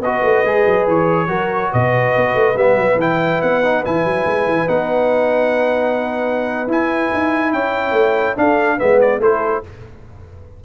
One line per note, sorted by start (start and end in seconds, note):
0.00 0.21 B3
0.00 0.46 F#4
0.00 1.29 B4
0.00 0.87 D#5
0.22 0.44 A3
0.45 0.66 G#3
0.45 1.28 G#4
0.66 0.87 F#3
0.87 1.28 E3
0.87 1.73 C#5
1.28 1.70 F#3
1.28 2.55 F#4
1.28 1.71 A#4
1.72 2.16 B2
1.72 7.53 B4
1.72 2.57 D#5
2.16 2.34 B3
2.34 2.55 A3
2.55 2.76 G3
2.55 2.99 B3
2.55 3.00 E5
2.76 2.96 F#3
2.96 3.39 E3
2.96 3.64 E4
2.96 3.42 G5
3.42 3.85 B3
3.42 3.84 F#5
3.64 3.84 D#4
3.84 4.04 E3
3.84 4.67 E4
3.84 4.69 G#5
4.04 4.26 F#3
4.26 4.47 G#3
4.47 4.68 E3
4.67 6.68 B3
4.67 6.68 D#4
4.67 6.69 F#5
6.68 7.10 E4
6.68 8.36 E4
6.68 7.53 G#5
7.14 7.53 D#4
7.53 7.92 C#4
7.53 8.37 C#5
7.53 8.37 G5
7.92 8.34 A3
8.36 8.78 D4
8.36 8.80 D4
8.36 8.77 A4
8.36 8.79 F5
8.77 9.19 G#3
8.77 9.21 B3
8.77 9.19 B4
8.77 9.00 E5
9.01 9.22 D5
9.19 9.62 A3
9.19 9.63 E4
9.19 9.64 A4
9.19 9.64 C5